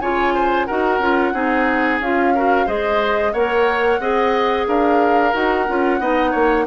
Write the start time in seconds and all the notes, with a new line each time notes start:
0.00 C#3 F4 C#5 G#5
0.34 C5
0.66 D#4 F#4 A#4 F#5
0.99 C#4 F4
1.34 C4 D#4 G#4
2.00 C#4 F4 F5
2.35 F#4 A#4
2.66 G#3 G#4 C5 D#5
3.33 A#3 A#4 C#5 F#5
3.99 C4 G#4 D#5
4.67 D4 A#4 F5
5.33 D#4 F#4 F#5
5.68 C#4 F4
6.00 B3 D#4 D#5
6.31 A#3 C#5